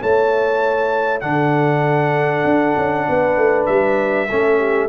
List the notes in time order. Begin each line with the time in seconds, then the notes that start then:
0.00 A3 E4 C#5 A5
1.21 D3 D4 A4 F#5
2.45 D4
2.77 C#4
3.09 B3 B4
3.37 A3
3.66 G3 E5
4.29 A3 C#4 A4
4.59 G4